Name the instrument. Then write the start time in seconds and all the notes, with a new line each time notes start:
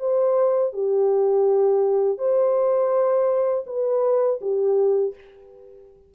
horn
0.00 C5
0.73 G4
2.18 C5
3.67 B4
4.41 G4